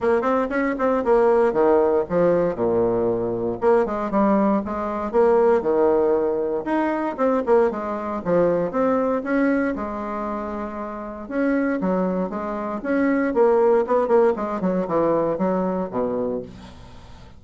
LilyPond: \new Staff \with { instrumentName = "bassoon" } { \time 4/4 \tempo 4 = 117 ais8 c'8 cis'8 c'8 ais4 dis4 | f4 ais,2 ais8 gis8 | g4 gis4 ais4 dis4~ | dis4 dis'4 c'8 ais8 gis4 |
f4 c'4 cis'4 gis4~ | gis2 cis'4 fis4 | gis4 cis'4 ais4 b8 ais8 | gis8 fis8 e4 fis4 b,4 | }